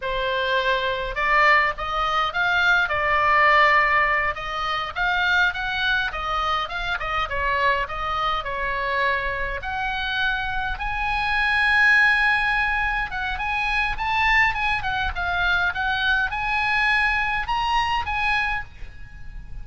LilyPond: \new Staff \with { instrumentName = "oboe" } { \time 4/4 \tempo 4 = 103 c''2 d''4 dis''4 | f''4 d''2~ d''8 dis''8~ | dis''8 f''4 fis''4 dis''4 f''8 | dis''8 cis''4 dis''4 cis''4.~ |
cis''8 fis''2 gis''4.~ | gis''2~ gis''8 fis''8 gis''4 | a''4 gis''8 fis''8 f''4 fis''4 | gis''2 ais''4 gis''4 | }